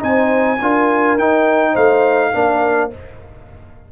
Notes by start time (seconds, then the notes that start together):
0.00 C4 D#4 C5 G#5
0.62 D4 F4 A#4
1.18 D#4 G5
1.72 A3 C5 F5
2.33 A#3 D4 A#4